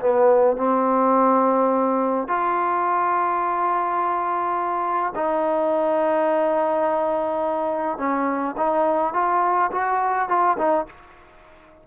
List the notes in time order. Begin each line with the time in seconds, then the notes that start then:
0.00 B3
0.57 C4
2.28 F4
5.16 D#4
7.98 C#4
8.57 D#4
9.14 F4
9.72 F#4
10.29 F4
10.58 D#4